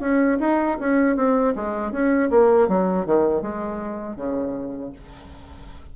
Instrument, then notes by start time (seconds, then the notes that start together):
bassoon
0.00 C#4
0.40 D#4
0.80 C#4
1.16 C4
1.55 G#3
1.92 C#4
2.30 A#3
2.68 F#3
3.06 D#3
3.42 G#3
4.16 C#3